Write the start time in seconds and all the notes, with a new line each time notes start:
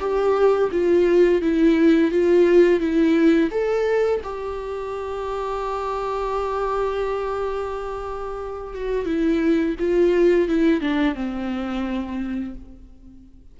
0.00 G4
0.72 F4
1.41 E4
2.11 F4
2.80 E4
3.51 A4
4.24 G4
8.74 F#4
9.06 E4
9.79 F4
10.48 E4
10.81 D4
11.15 C4